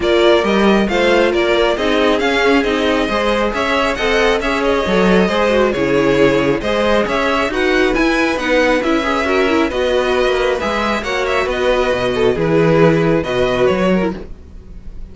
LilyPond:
<<
  \new Staff \with { instrumentName = "violin" } { \time 4/4 \tempo 4 = 136 d''4 dis''4 f''4 d''4 | dis''4 f''4 dis''2 | e''4 fis''4 e''8 dis''4.~ | dis''4 cis''2 dis''4 |
e''4 fis''4 gis''4 fis''4 | e''2 dis''2 | e''4 fis''8 e''8 dis''2 | b'2 dis''4 cis''4 | }
  \new Staff \with { instrumentName = "violin" } { \time 4/4 ais'2 c''4 ais'4 | gis'2. c''4 | cis''4 dis''4 cis''2 | c''4 gis'2 c''4 |
cis''4 b'2.~ | b'4 ais'4 b'2~ | b'4 cis''4 b'4. a'8 | gis'2 b'4. ais'8 | }
  \new Staff \with { instrumentName = "viola" } { \time 4/4 f'4 g'4 f'2 | dis'4 cis'4 dis'4 gis'4~ | gis'4 a'4 gis'4 a'4 | gis'8 fis'8 e'2 gis'4~ |
gis'4 fis'4 e'4 dis'4 | e'8 gis'8 fis'8 e'8 fis'2 | gis'4 fis'2. | e'2 fis'4.~ fis'16 e'16 | }
  \new Staff \with { instrumentName = "cello" } { \time 4/4 ais4 g4 a4 ais4 | c'4 cis'4 c'4 gis4 | cis'4 c'4 cis'4 fis4 | gis4 cis2 gis4 |
cis'4 dis'4 e'4 b4 | cis'2 b4~ b16 ais8. | gis4 ais4 b4 b,4 | e2 b,4 fis4 | }
>>